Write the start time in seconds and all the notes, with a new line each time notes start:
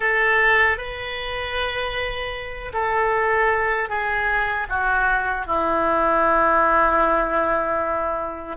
0.00 A4
0.77 B4
2.73 A4
3.89 G#4
4.69 F#4
5.46 E4